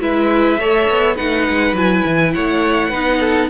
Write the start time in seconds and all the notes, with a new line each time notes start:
0.00 G#3 E4 B4 E5
0.58 A3 A4 C#5
0.89 B3
1.16 A3 D#4 B4 F#5
1.49 G#3
1.73 F#3 E4 G#5
2.06 E3
2.33 A3 C#5 F#5
2.89 B3 D#4 B4
3.20 A4